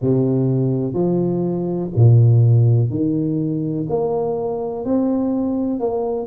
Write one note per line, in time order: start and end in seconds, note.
0.00 0.93 C3
0.93 1.90 F3
1.95 2.90 A#2
2.90 3.87 D#3
3.89 4.84 A#3
4.84 5.79 C4
5.79 6.26 A#3